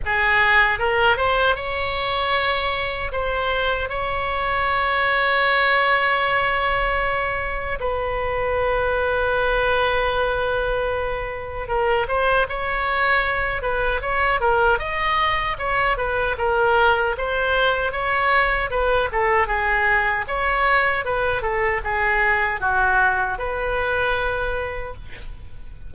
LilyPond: \new Staff \with { instrumentName = "oboe" } { \time 4/4 \tempo 4 = 77 gis'4 ais'8 c''8 cis''2 | c''4 cis''2.~ | cis''2 b'2~ | b'2. ais'8 c''8 |
cis''4. b'8 cis''8 ais'8 dis''4 | cis''8 b'8 ais'4 c''4 cis''4 | b'8 a'8 gis'4 cis''4 b'8 a'8 | gis'4 fis'4 b'2 | }